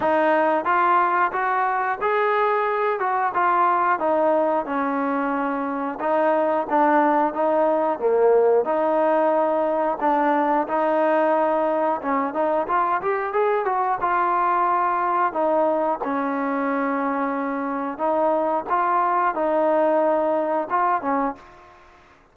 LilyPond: \new Staff \with { instrumentName = "trombone" } { \time 4/4 \tempo 4 = 90 dis'4 f'4 fis'4 gis'4~ | gis'8 fis'8 f'4 dis'4 cis'4~ | cis'4 dis'4 d'4 dis'4 | ais4 dis'2 d'4 |
dis'2 cis'8 dis'8 f'8 g'8 | gis'8 fis'8 f'2 dis'4 | cis'2. dis'4 | f'4 dis'2 f'8 cis'8 | }